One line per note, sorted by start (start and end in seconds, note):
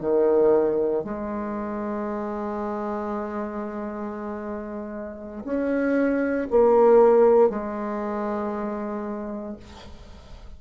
0.00 1.03 D#3
1.03 5.43 G#3
5.44 6.47 C#4
6.50 7.49 A#3
7.49 9.56 G#3